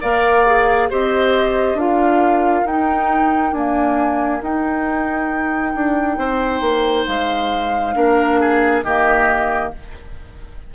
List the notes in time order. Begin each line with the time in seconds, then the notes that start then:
0.00 A#3 A#4 D5 F5
0.46 G#4
0.90 C4 G4 C5 D#5
1.74 D4 F4 A#4 F5
2.64 D#4 G5
3.51 A#3 D4 G#5
4.42 D#4 G5
5.74 D4
6.17 C4 C5
6.60 A#3
7.06 G#3 F5
7.94 A#3 D4 A#4
8.40 G#4
8.82 D#3 A#3 G4 D#5